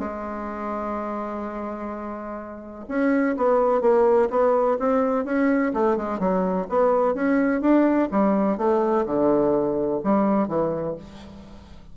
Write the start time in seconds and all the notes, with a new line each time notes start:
0.00 G#3
2.89 C#4
3.37 B3
3.82 A#3
4.30 B3
4.80 C4
5.25 C#4
5.74 A3
5.97 G#3
6.20 F#3
6.69 B3
7.15 C#4
7.62 D4
8.12 G3
8.58 A3
9.06 D3
10.04 G3
10.49 E3